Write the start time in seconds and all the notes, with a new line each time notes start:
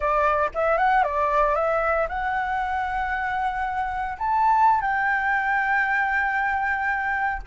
0.00 D5
0.54 E5
0.77 F#5
1.03 D5
1.55 E5
2.09 F#5
4.18 A5
4.81 G5